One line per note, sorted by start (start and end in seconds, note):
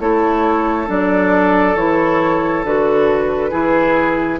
0.00 0.88 A3
0.00 0.87 E4
0.00 3.50 A4
0.00 0.89 C#5
0.87 1.76 F#3
0.87 1.76 D4
0.87 1.76 D5
1.76 2.63 E3
1.76 2.65 E4
1.76 2.64 C#5
2.63 3.52 D3
2.63 3.51 F#4
2.63 4.40 B4
3.50 4.40 E3
3.50 4.39 E4
3.50 4.38 G#4